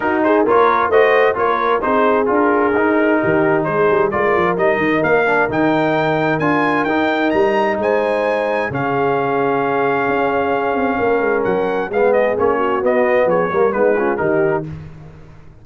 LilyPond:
<<
  \new Staff \with { instrumentName = "trumpet" } { \time 4/4 \tempo 4 = 131 ais'8 c''8 cis''4 dis''4 cis''4 | c''4 ais'2. | c''4 d''4 dis''4 f''4 | g''2 gis''4 g''4 |
ais''4 gis''2 f''4~ | f''1~ | f''4 fis''4 f''8 dis''8 cis''4 | dis''4 cis''4 b'4 ais'4 | }
  \new Staff \with { instrumentName = "horn" } { \time 4/4 fis'8 gis'8 ais'4 c''4 ais'4 | gis'2. g'4 | gis'4 ais'2.~ | ais'1~ |
ais'4 c''2 gis'4~ | gis'1 | ais'2 gis'4. fis'8~ | fis'4 gis'8 ais'8 dis'8 f'8 g'4 | }
  \new Staff \with { instrumentName = "trombone" } { \time 4/4 dis'4 f'4 fis'4 f'4 | dis'4 f'4 dis'2~ | dis'4 f'4 dis'4. d'8 | dis'2 f'4 dis'4~ |
dis'2. cis'4~ | cis'1~ | cis'2 b4 cis'4 | b4. ais8 b8 cis'8 dis'4 | }
  \new Staff \with { instrumentName = "tuba" } { \time 4/4 dis'4 ais4 a4 ais4 | c'4 d'4 dis'4 dis4 | gis8 g8 gis8 f8 g8 dis8 ais4 | dis2 d'4 dis'4 |
g4 gis2 cis4~ | cis2 cis'4. c'8 | ais8 gis8 fis4 gis4 ais4 | b4 f8 g8 gis4 dis4 | }
>>